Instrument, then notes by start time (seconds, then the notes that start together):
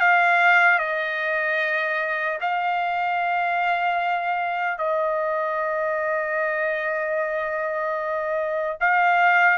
trumpet
0.00 F5
0.79 D#5
2.41 F5
4.78 D#5
8.80 F5